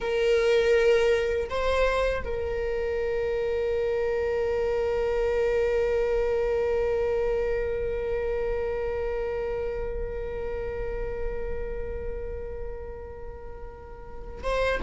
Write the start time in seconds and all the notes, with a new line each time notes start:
0.00 A#4
1.49 C5
2.24 A#4
14.43 C5